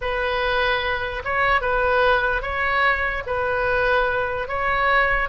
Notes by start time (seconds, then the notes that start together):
0.01 B4
1.24 C#5
1.61 B4
2.42 C#5
3.26 B4
4.47 C#5